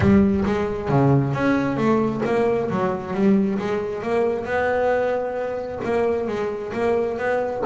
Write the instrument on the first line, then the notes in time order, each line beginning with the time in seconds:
double bass
0.00 G3
0.45 G#3
0.89 C#3
1.33 C#4
1.76 A3
2.25 A#3
2.70 F#3
3.13 G3
3.58 G#3
4.02 A#3
4.45 B3
5.84 A#3
6.27 G#3
6.73 A#3
7.17 B3